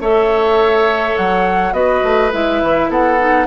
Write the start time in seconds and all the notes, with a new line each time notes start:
0.00 A3 A4 C#5 E5
1.16 F#3 F#5
1.72 B3 F#4 B4 D#5
2.03 A3
2.32 G#3 E4 E5
2.62 E3
2.88 B3 A4 F#5
3.18 D#4